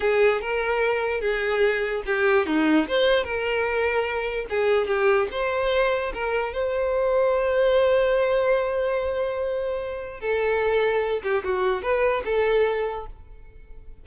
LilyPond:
\new Staff \with { instrumentName = "violin" } { \time 4/4 \tempo 4 = 147 gis'4 ais'2 gis'4~ | gis'4 g'4 dis'4 c''4 | ais'2. gis'4 | g'4 c''2 ais'4 |
c''1~ | c''1~ | c''4 a'2~ a'8 g'8 | fis'4 b'4 a'2 | }